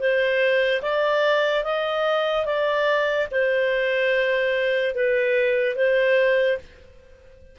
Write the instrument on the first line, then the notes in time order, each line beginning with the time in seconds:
clarinet
0.00 C5
0.82 D5
1.64 D#5
2.46 D5
3.32 C5
4.95 B4
5.76 C5